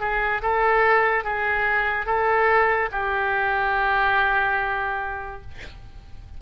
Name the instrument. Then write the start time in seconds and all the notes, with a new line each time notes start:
oboe
0.00 G#4
0.42 A4
1.24 G#4
2.06 A4
2.91 G4